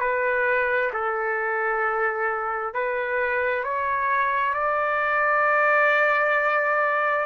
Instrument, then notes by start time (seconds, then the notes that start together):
trumpet
0.00 B4
0.93 A4
2.74 B4
3.64 C#5
4.53 D5